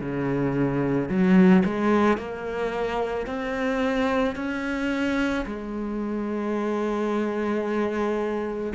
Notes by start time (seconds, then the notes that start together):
0.00 C#3
1.09 F#3
1.64 G#3
2.17 A#3
3.26 C4
4.35 C#4
5.45 G#3